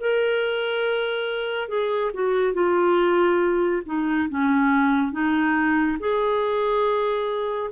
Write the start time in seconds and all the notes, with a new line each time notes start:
0.00 A#4
1.69 G#4
2.14 F#4
2.54 F4
3.86 D#4
4.29 C#4
5.12 D#4
6.00 G#4